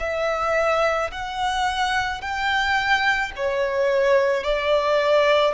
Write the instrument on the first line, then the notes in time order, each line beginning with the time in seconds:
violin
0.00 E5
1.11 F#5
2.21 G5
3.36 C#5
4.44 D5